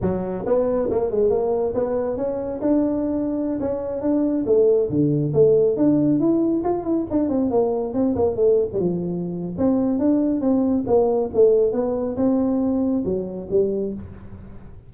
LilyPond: \new Staff \with { instrumentName = "tuba" } { \time 4/4 \tempo 4 = 138 fis4 b4 ais8 gis8 ais4 | b4 cis'4 d'2~ | d'16 cis'4 d'4 a4 d8.~ | d16 a4 d'4 e'4 f'8 e'16~ |
e'16 d'8 c'8 ais4 c'8 ais8 a8. | g16 f4.~ f16 c'4 d'4 | c'4 ais4 a4 b4 | c'2 fis4 g4 | }